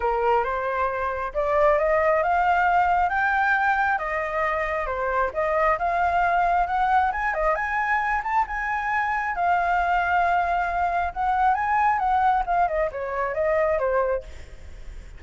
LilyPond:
\new Staff \with { instrumentName = "flute" } { \time 4/4 \tempo 4 = 135 ais'4 c''2 d''4 | dis''4 f''2 g''4~ | g''4 dis''2 c''4 | dis''4 f''2 fis''4 |
gis''8 dis''8 gis''4. a''8 gis''4~ | gis''4 f''2.~ | f''4 fis''4 gis''4 fis''4 | f''8 dis''8 cis''4 dis''4 c''4 | }